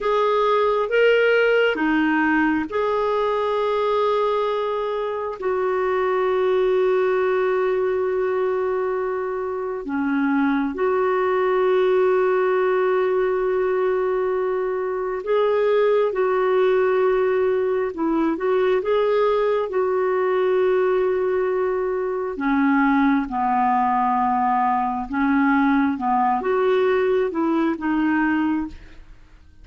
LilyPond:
\new Staff \with { instrumentName = "clarinet" } { \time 4/4 \tempo 4 = 67 gis'4 ais'4 dis'4 gis'4~ | gis'2 fis'2~ | fis'2. cis'4 | fis'1~ |
fis'4 gis'4 fis'2 | e'8 fis'8 gis'4 fis'2~ | fis'4 cis'4 b2 | cis'4 b8 fis'4 e'8 dis'4 | }